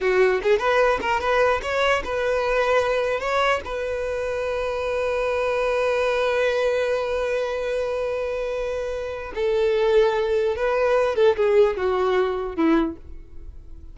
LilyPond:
\new Staff \with { instrumentName = "violin" } { \time 4/4 \tempo 4 = 148 fis'4 gis'8 b'4 ais'8 b'4 | cis''4 b'2. | cis''4 b'2.~ | b'1~ |
b'1~ | b'2. a'4~ | a'2 b'4. a'8 | gis'4 fis'2 e'4 | }